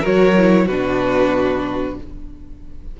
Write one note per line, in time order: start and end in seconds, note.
0.00 0.35 F#4
0.00 0.65 A#4
0.00 0.67 C#5
0.06 0.68 F#3
0.37 0.69 E4
0.67 1.97 B2
0.67 2.00 D4
0.67 1.96 F#4
0.67 1.97 B4